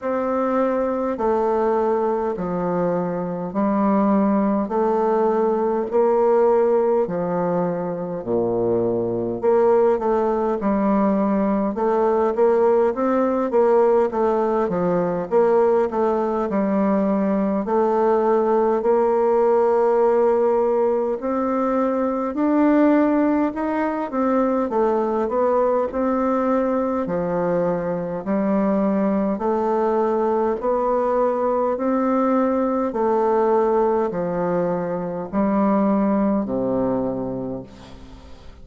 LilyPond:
\new Staff \with { instrumentName = "bassoon" } { \time 4/4 \tempo 4 = 51 c'4 a4 f4 g4 | a4 ais4 f4 ais,4 | ais8 a8 g4 a8 ais8 c'8 ais8 | a8 f8 ais8 a8 g4 a4 |
ais2 c'4 d'4 | dis'8 c'8 a8 b8 c'4 f4 | g4 a4 b4 c'4 | a4 f4 g4 c4 | }